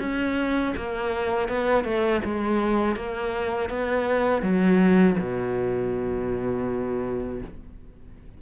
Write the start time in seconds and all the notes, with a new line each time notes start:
0.00 C#4
0.76 A#3
1.48 B3
1.84 A3
2.25 G#3
2.96 A#3
3.69 B3
4.42 F#3
5.19 B2